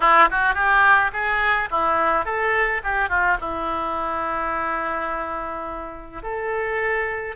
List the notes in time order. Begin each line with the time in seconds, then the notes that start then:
0.00 E4
0.30 F#4
0.54 G4
1.12 G#4
1.70 E4
2.25 A4
2.83 G4
3.08 F4
3.40 E4
6.22 A4